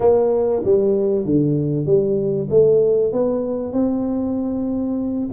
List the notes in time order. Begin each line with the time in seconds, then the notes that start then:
0.00 A#3
0.64 G3
1.25 D3
1.86 G3
2.49 A3
3.12 B3
3.72 C4